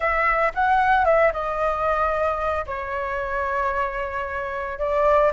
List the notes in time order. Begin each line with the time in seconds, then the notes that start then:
0.00 E5
0.54 F#5
1.05 E5
1.33 D#5
2.66 C#5
4.78 D5